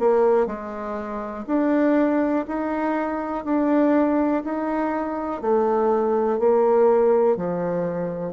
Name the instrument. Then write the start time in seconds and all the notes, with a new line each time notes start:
bassoon
0.00 A#3
0.47 G#3
1.48 D4
2.49 D#4
3.45 D4
4.44 D#4
5.42 A3
6.39 A#3
7.37 F3